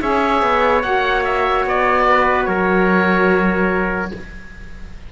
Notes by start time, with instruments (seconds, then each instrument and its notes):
0.00 cello C#4, saxophone G#4, trumpet C#5, oboe E5
0.42 cello B3
0.82 cello A#3, saxophone F#4, oboe F#5
1.24 oboe E5
1.65 cello B3, oboe D5
2.09 trumpet B4
2.45 cello F#3, trumpet A#4, oboe C#5